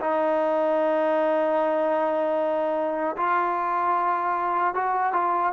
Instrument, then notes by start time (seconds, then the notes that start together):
trombone
0.00 D#4
3.17 F4
4.74 F#4
5.13 F4